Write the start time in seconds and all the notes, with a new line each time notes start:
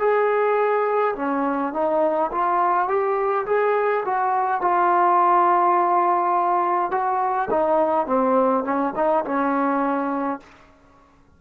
0.00 G#4
1.16 C#4
1.74 D#4
2.32 F4
2.88 G4
3.47 G#4
4.05 F#4
4.62 F4
6.91 F#4
7.51 D#4
8.07 C4
8.64 C#4
8.96 D#4
9.25 C#4